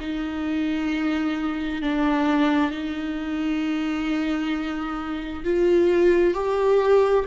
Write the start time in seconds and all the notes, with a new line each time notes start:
0.00 D#4
1.82 D4
2.71 D#4
5.44 F4
6.34 G4